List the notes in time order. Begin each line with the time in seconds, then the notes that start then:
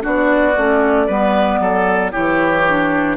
0.00 B3 D4 F#4 D5
0.57 A3 C#4
1.07 G3 B3 B4
1.60 F#3 A4
2.12 E3 E4 G4 C#5
2.68 D4